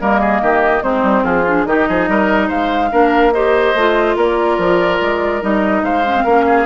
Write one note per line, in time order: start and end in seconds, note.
0.00 0.41 G3
0.00 0.82 A#3
0.00 0.20 A#4
0.00 0.83 D#5
0.20 0.41 G#4
0.41 0.83 D#3
0.41 0.83 G4
0.82 1.02 G#3
0.82 1.45 C4
0.82 1.23 D#4
0.82 1.24 C5
1.02 1.23 G3
1.23 1.65 F3
1.23 1.65 F4
1.23 1.66 G#4
1.46 1.66 D4
1.66 1.87 D#3
1.66 2.90 D#4
1.66 1.88 G4
1.66 2.49 D#5
1.88 2.08 F3
1.88 2.09 G#4
2.08 2.50 G3
2.08 2.47 A#4
2.47 2.92 G#3
2.47 2.89 C5
2.47 3.33 F5
2.90 3.74 A#3
2.90 3.32 D4
2.90 3.33 A#4
3.33 3.76 G4
3.33 4.16 C5
3.33 4.16 D#5
3.74 4.16 A3
3.74 5.41 F4
4.16 4.58 A#3
4.16 5.82 A#4
4.16 5.42 D5
4.58 5.00 F3
5.01 5.42 G#3
5.41 5.82 G3
5.41 6.03 D#4
5.41 5.84 D#5
5.82 6.24 G#3
5.82 6.24 C5
5.82 6.66 F5
6.07 6.15 C#4
6.15 6.26 C4
6.24 6.66 A#3
6.24 6.66 C#4
6.24 6.44 A#4
6.46 6.66 G#4